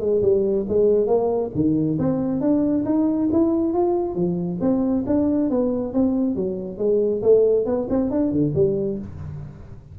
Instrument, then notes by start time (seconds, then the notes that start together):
tuba
0.00 G#3
0.22 G3
0.68 G#3
1.07 A#3
1.55 D#3
1.99 C4
2.41 D4
2.85 D#4
3.32 E4
3.74 F4
4.15 F3
4.61 C4
5.07 D4
5.50 B3
5.93 C4
6.36 F#3
6.78 G#3
7.22 A3
7.66 B3
7.90 C4
8.10 D4
8.32 D3
8.55 G3